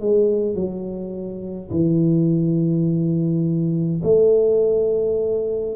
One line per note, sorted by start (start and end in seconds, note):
0.00 0.55 G#3
0.55 1.70 F#3
1.71 4.02 E3
4.03 5.76 A3